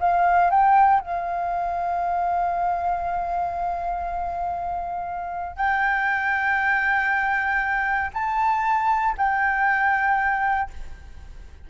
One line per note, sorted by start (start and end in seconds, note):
0.00 0.51 F5
0.51 1.01 G5
1.01 5.57 F5
5.57 8.11 G5
8.14 9.15 A5
9.18 10.70 G5